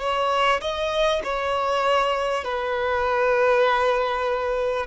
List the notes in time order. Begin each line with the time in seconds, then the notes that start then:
0.00 C#5
0.61 D#5
1.24 C#5
2.44 B4